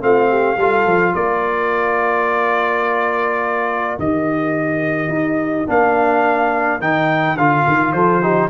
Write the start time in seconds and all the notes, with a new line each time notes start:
0.00 A3 C4 F4 F5
0.29 G4
0.56 G3 F4 A4
0.85 F3
1.14 A#3 A#4 D5
3.98 D#3 G4 D#5
5.08 D#4
5.67 A#3 D4 F5
6.79 D#3 D#4 G5
7.35 D3 F4 F5
7.67 D#3
7.92 F3 A4 C5
8.22 D#4 G4